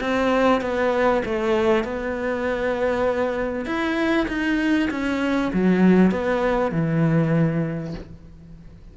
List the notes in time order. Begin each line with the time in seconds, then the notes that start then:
0.00 C4
0.61 B3
1.25 A3
1.84 B3
3.65 E4
4.28 D#4
4.90 C#4
5.53 F#3
6.11 B3
6.71 E3